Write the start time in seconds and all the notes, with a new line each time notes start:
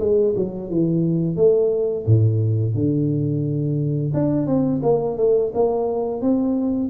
0.00 G#3
0.36 F#3
0.70 E3
1.36 A3
2.06 A2
2.75 D3
4.14 D4
4.47 C4
4.83 A#3
5.18 A3
5.55 A#3
6.21 C4